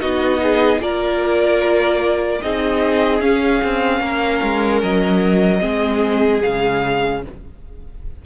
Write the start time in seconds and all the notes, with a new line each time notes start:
0.00 B3 D#4 F#4 D#5
0.43 G#4
0.79 A#3 F4 A#4 D5
2.41 C4 D#4 G#4 D#5
3.20 C#4 F5
3.63 C4
4.00 A#3 A#4
4.43 G#3
4.83 F#3 D#5
5.60 G#3 C4 G#4
6.41 C#3 G#3 F5